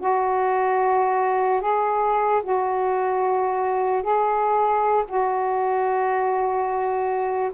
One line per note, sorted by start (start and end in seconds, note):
0.00 1.61 F#4
1.61 2.42 G#4
2.43 4.03 F#4
4.03 5.04 G#4
5.08 7.51 F#4